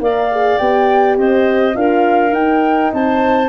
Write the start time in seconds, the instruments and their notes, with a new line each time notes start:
0.00 tuba A#3, horn A#4, clarinet D5, flute F5
0.32 horn G#4
0.58 tuba B3, horn G4, flute G5
1.17 tuba C4, clarinet C5, flute D#5
1.74 tuba D4, horn F4, clarinet A#4, flute F5
2.30 horn D#4, tuba D#4, flute G5
2.93 tuba C4, clarinet C5, flute A5